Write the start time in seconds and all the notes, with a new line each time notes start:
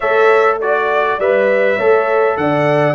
0.00 A3 A4 C#5 E5
0.59 F#4 D5
1.18 G3 B4 E5
1.76 A3 A4 C#5
2.37 D3 D5 F#5